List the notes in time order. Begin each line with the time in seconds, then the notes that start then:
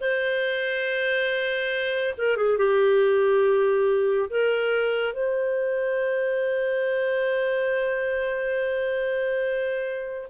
0.00 C5
2.17 A#4
2.36 G#4
2.58 G4
4.29 A#4
5.13 C5